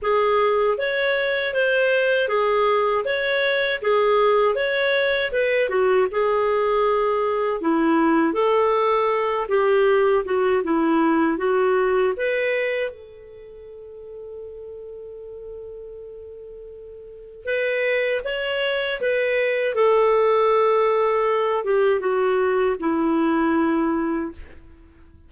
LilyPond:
\new Staff \with { instrumentName = "clarinet" } { \time 4/4 \tempo 4 = 79 gis'4 cis''4 c''4 gis'4 | cis''4 gis'4 cis''4 b'8 fis'8 | gis'2 e'4 a'4~ | a'8 g'4 fis'8 e'4 fis'4 |
b'4 a'2.~ | a'2. b'4 | cis''4 b'4 a'2~ | a'8 g'8 fis'4 e'2 | }